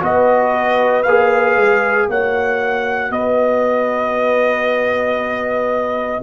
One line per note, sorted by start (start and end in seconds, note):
0.00 1.05 B3
0.00 1.03 F#4
0.00 2.09 B4
0.00 1.03 D#5
1.03 1.56 A#3
1.03 2.11 G#4
1.03 2.07 F5
1.56 2.08 G#3
2.09 3.10 A#3
2.09 6.23 F#4
2.09 3.12 C#5
2.09 3.12 F#5
3.10 6.21 B3
3.10 6.22 B4
3.10 6.22 D#5